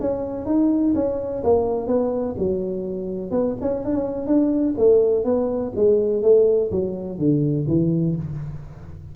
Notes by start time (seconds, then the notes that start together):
0.00 C#4
0.46 D#4
0.95 C#4
1.44 A#3
1.87 B3
2.38 F#3
3.31 B3
3.61 C#4
3.85 D4
3.95 C#4
4.27 D4
4.78 A3
5.25 B3
5.76 G#3
6.23 A3
6.72 F#3
7.19 D3
7.68 E3